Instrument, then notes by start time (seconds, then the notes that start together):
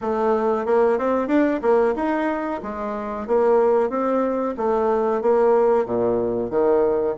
bassoon
0.01 A3
0.65 A#3
0.98 C4
1.27 D4
1.62 A#3
1.95 D#4
2.63 G#3
3.27 A#3
3.89 C4
4.57 A3
5.21 A#3
5.85 A#2
6.50 D#3